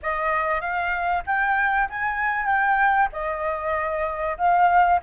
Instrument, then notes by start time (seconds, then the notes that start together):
flute
0.02 D#5
0.60 F5
1.26 G5
1.89 G#5
2.45 G5
3.12 D#5
4.37 F5